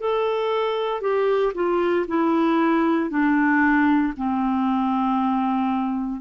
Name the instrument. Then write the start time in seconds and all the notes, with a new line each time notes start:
clarinet
0.00 A4
1.01 G4
1.54 F4
2.08 E4
3.10 D4
4.17 C4